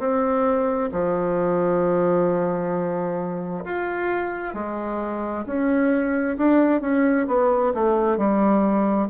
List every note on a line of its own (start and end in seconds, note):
0.00 0.91 C4
0.92 3.65 F3
3.65 4.55 F4
4.55 5.45 G#3
5.47 6.38 C#4
6.38 6.82 D4
6.82 7.27 C#4
7.28 7.74 B3
7.75 8.18 A3
8.18 9.09 G3